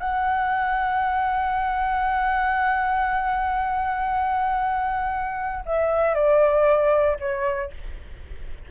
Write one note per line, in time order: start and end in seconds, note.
0.00 5.64 F#5
5.66 6.15 E5
6.15 7.17 D5
7.20 7.71 C#5